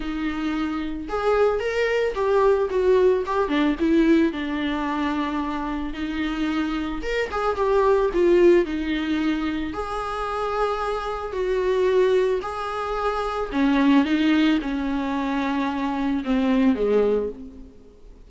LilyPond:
\new Staff \with { instrumentName = "viola" } { \time 4/4 \tempo 4 = 111 dis'2 gis'4 ais'4 | g'4 fis'4 g'8 d'8 e'4 | d'2. dis'4~ | dis'4 ais'8 gis'8 g'4 f'4 |
dis'2 gis'2~ | gis'4 fis'2 gis'4~ | gis'4 cis'4 dis'4 cis'4~ | cis'2 c'4 gis4 | }